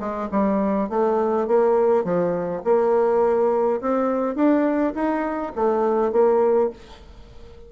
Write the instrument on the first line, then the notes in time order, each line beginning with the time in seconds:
bassoon
0.00 G#3
0.32 G3
0.90 A3
1.48 A#3
2.04 F3
2.64 A#3
3.82 C4
4.36 D4
4.95 D#4
5.56 A3
6.12 A#3